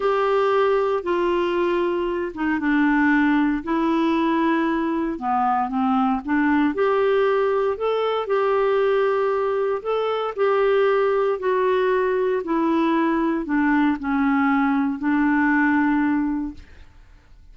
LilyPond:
\new Staff \with { instrumentName = "clarinet" } { \time 4/4 \tempo 4 = 116 g'2 f'2~ | f'8 dis'8 d'2 e'4~ | e'2 b4 c'4 | d'4 g'2 a'4 |
g'2. a'4 | g'2 fis'2 | e'2 d'4 cis'4~ | cis'4 d'2. | }